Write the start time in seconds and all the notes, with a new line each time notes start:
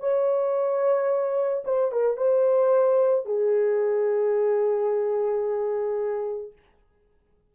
0.00 C#5
1.65 C5
1.92 A#4
2.17 C5
3.26 G#4